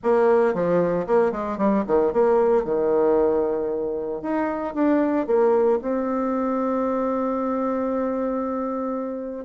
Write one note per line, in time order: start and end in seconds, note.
0.03 0.54 A#3
0.54 1.06 F3
1.06 1.31 A#3
1.31 1.57 G#3
1.57 1.83 G3
1.86 2.12 D#3
2.12 2.64 A#3
2.64 4.22 D#3
4.22 4.74 D#4
4.74 5.27 D4
5.27 5.79 A#3
5.81 9.45 C4